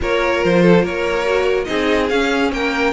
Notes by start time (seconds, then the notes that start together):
0.00 A#3 F4 A#4 C#5
0.44 F3 C5
0.62 A4
0.82 A#3 A#4 C#5
1.25 F#4
1.64 C4 D#4 G#4 D#5
2.09 C#4 F5
2.51 A#3 A#4 G5